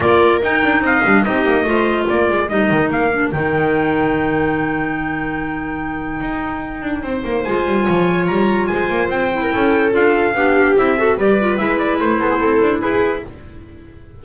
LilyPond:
<<
  \new Staff \with { instrumentName = "trumpet" } { \time 4/4 \tempo 4 = 145 d''4 g''4 f''4 dis''4~ | dis''4 d''4 dis''4 f''4 | g''1~ | g''1~ |
g''2 gis''2 | ais''4 gis''4 g''2 | f''2 e''4 d''4 | e''8 d''8 c''2 b'4 | }
  \new Staff \with { instrumentName = "viola" } { \time 4/4 ais'2 dis''4 g'4 | c''4 ais'2.~ | ais'1~ | ais'1~ |
ais'4 c''2 cis''4~ | cis''4 c''4.~ c''16 ais'16 a'4~ | a'4 g'4. a'8 b'4~ | b'4. a'16 gis'16 a'4 gis'4 | }
  \new Staff \with { instrumentName = "clarinet" } { \time 4/4 f'4 dis'4. d'8 dis'4 | f'2 dis'4. d'8 | dis'1~ | dis'1~ |
dis'2 f'2~ | f'2~ f'8 e'4. | f'4 d'4 e'8 fis'8 g'8 f'8 | e'1 | }
  \new Staff \with { instrumentName = "double bass" } { \time 4/4 ais4 dis'8 d'8 c'8 g8 c'8 ais8 | a4 ais8 gis8 g8 dis8 ais4 | dis1~ | dis2. dis'4~ |
dis'8 d'8 c'8 ais8 gis8 g8 f4 | g4 gis8 ais8 c'4 cis'4 | d'4 b4 c'4 g4 | gis4 a8 b8 c'8 d'8 e'4 | }
>>